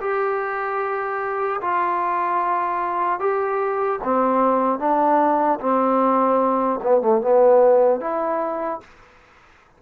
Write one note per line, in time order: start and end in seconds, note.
0.00 1.60 G4
1.61 3.19 F4
3.19 3.99 G4
4.03 4.79 C4
4.79 5.59 D4
5.60 6.80 C4
6.82 7.01 B3
7.01 7.21 A3
7.21 8.00 B3
8.00 8.80 E4